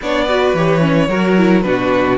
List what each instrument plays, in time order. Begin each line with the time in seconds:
0.01 cello B3, viola D4, violin C#5 D5
0.24 viola F#4, violin B4
0.54 cello E3, viola G4, violin C#5
0.80 viola C#4
1.08 cello F#3, viola F#4, violin A#4
1.37 viola E4
1.61 cello B2, viola D4, violin F#4 B4